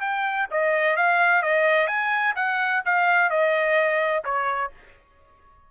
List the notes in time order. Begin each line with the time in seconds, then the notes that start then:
0.00 G5
0.50 D#5
0.96 F5
1.42 D#5
1.87 G#5
2.35 F#5
2.85 F5
3.30 D#5
4.24 C#5